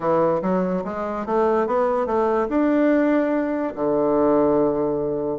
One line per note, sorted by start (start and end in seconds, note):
0.00 0.41 E3
0.42 0.83 F#3
0.84 1.25 G#3
1.26 1.67 A3
1.67 2.06 B3
2.06 2.47 A3
2.49 3.73 D4
3.75 5.38 D3